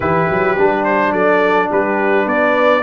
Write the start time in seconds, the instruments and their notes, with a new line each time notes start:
0.00 tuba E3, trombone E4, horn G4, trumpet B4
0.30 tuba F#3
0.57 tuba G3, trombone D4
0.84 trumpet C5
1.11 tuba F#3, horn A4, trumpet D5
1.70 tuba G3, horn G4, trumpet B4
2.25 tuba B3, horn B4, trumpet D5